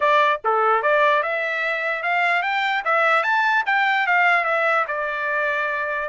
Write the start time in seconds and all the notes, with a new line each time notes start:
0.00 D5
0.44 A4
0.82 D5
1.22 E5
2.02 F5
2.42 G5
2.85 E5
3.23 A5
3.66 G5
4.07 F5
4.44 E5
4.87 D5